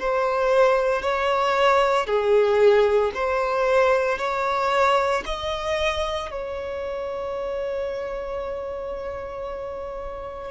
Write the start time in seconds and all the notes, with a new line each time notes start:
0.00 C5
1.02 C#5
2.07 G#4
3.15 C5
4.19 C#5
5.26 D#5
6.32 C#5